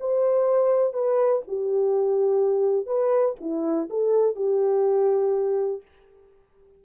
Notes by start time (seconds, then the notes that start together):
0.00 C5
0.93 B4
1.48 G4
2.86 B4
3.41 E4
3.90 A4
4.36 G4